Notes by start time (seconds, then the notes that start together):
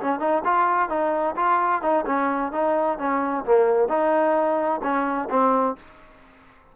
0.00 C#4
0.19 D#4
0.44 F4
0.89 D#4
1.36 F4
1.81 D#4
2.06 C#4
2.52 D#4
2.98 C#4
3.45 A#3
3.88 D#4
4.83 C#4
5.30 C4